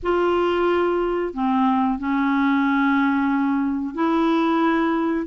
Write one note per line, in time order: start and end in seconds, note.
0.02 1.33 F4
1.33 1.98 C4
1.98 3.94 C#4
3.94 5.26 E4